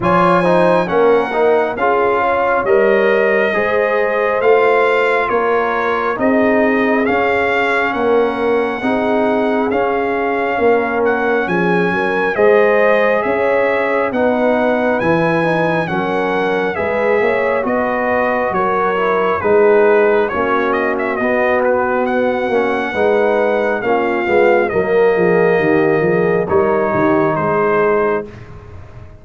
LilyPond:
<<
  \new Staff \with { instrumentName = "trumpet" } { \time 4/4 \tempo 4 = 68 gis''4 fis''4 f''4 dis''4~ | dis''4 f''4 cis''4 dis''4 | f''4 fis''2 f''4~ | f''8 fis''8 gis''4 dis''4 e''4 |
fis''4 gis''4 fis''4 e''4 | dis''4 cis''4 b'4 cis''8 dis''16 e''16 | dis''8 b'8 fis''2 f''4 | dis''2 cis''4 c''4 | }
  \new Staff \with { instrumentName = "horn" } { \time 4/4 cis''8 c''8 ais'4 gis'8 cis''4. | c''2 ais'4 gis'4~ | gis'4 ais'4 gis'2 | ais'4 gis'8 ais'8 c''4 cis''4 |
b'2 ais'4 b'8 cis''8 | b'4 ais'4 gis'4 fis'4~ | fis'2 b'4 f'4 | ais'8 gis'8 g'8 gis'8 ais'8 g'8 gis'4 | }
  \new Staff \with { instrumentName = "trombone" } { \time 4/4 f'8 dis'8 cis'8 dis'8 f'4 ais'4 | gis'4 f'2 dis'4 | cis'2 dis'4 cis'4~ | cis'2 gis'2 |
dis'4 e'8 dis'8 cis'4 gis'4 | fis'4. e'8 dis'4 cis'4 | b4. cis'8 dis'4 cis'8 b8 | ais2 dis'2 | }
  \new Staff \with { instrumentName = "tuba" } { \time 4/4 f4 ais4 cis'4 g4 | gis4 a4 ais4 c'4 | cis'4 ais4 c'4 cis'4 | ais4 f8 fis8 gis4 cis'4 |
b4 e4 fis4 gis8 ais8 | b4 fis4 gis4 ais4 | b4. ais8 gis4 ais8 gis8 | fis8 f8 dis8 f8 g8 dis8 gis4 | }
>>